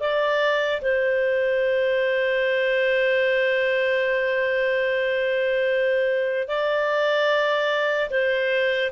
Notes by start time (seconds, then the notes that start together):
0.00 D5
0.81 C5
6.48 D5
8.10 C5